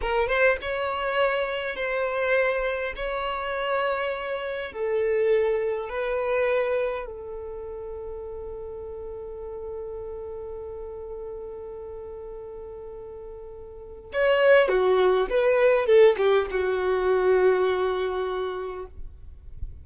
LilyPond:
\new Staff \with { instrumentName = "violin" } { \time 4/4 \tempo 4 = 102 ais'8 c''8 cis''2 c''4~ | c''4 cis''2. | a'2 b'2 | a'1~ |
a'1~ | a'1 | cis''4 fis'4 b'4 a'8 g'8 | fis'1 | }